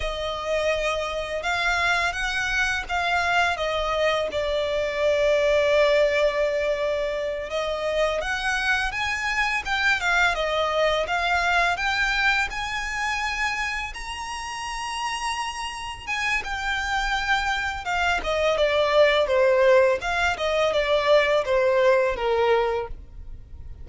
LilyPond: \new Staff \with { instrumentName = "violin" } { \time 4/4 \tempo 4 = 84 dis''2 f''4 fis''4 | f''4 dis''4 d''2~ | d''2~ d''8 dis''4 fis''8~ | fis''8 gis''4 g''8 f''8 dis''4 f''8~ |
f''8 g''4 gis''2 ais''8~ | ais''2~ ais''8 gis''8 g''4~ | g''4 f''8 dis''8 d''4 c''4 | f''8 dis''8 d''4 c''4 ais'4 | }